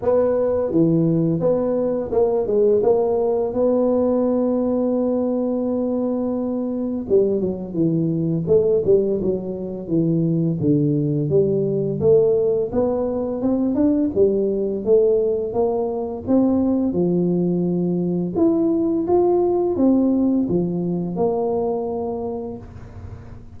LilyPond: \new Staff \with { instrumentName = "tuba" } { \time 4/4 \tempo 4 = 85 b4 e4 b4 ais8 gis8 | ais4 b2.~ | b2 g8 fis8 e4 | a8 g8 fis4 e4 d4 |
g4 a4 b4 c'8 d'8 | g4 a4 ais4 c'4 | f2 e'4 f'4 | c'4 f4 ais2 | }